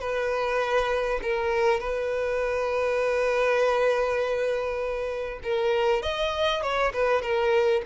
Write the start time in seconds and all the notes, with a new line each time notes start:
0.00 B4
1.22 A#4
1.80 B4
5.43 A#4
6.02 D#5
6.62 C#5
6.93 B4
7.22 A#4